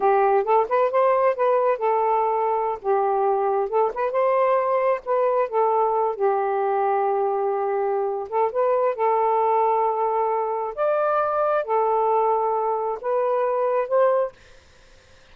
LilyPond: \new Staff \with { instrumentName = "saxophone" } { \time 4/4 \tempo 4 = 134 g'4 a'8 b'8 c''4 b'4 | a'2~ a'16 g'4.~ g'16~ | g'16 a'8 b'8 c''2 b'8.~ | b'16 a'4. g'2~ g'16~ |
g'2~ g'8 a'8 b'4 | a'1 | d''2 a'2~ | a'4 b'2 c''4 | }